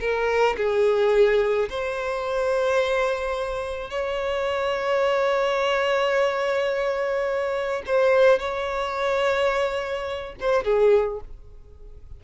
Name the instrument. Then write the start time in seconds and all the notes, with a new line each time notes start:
violin
0.00 A#4
0.57 G#4
1.69 C5
3.90 C#5
7.86 C5
8.39 C#5
10.40 C5
10.64 G#4